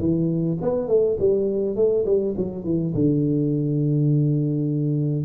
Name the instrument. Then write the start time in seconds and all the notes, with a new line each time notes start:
tuba
0.00 E3
0.62 B3
0.88 A3
1.20 G3
1.76 A3
2.06 G3
2.37 F#3
2.65 E3
2.95 D3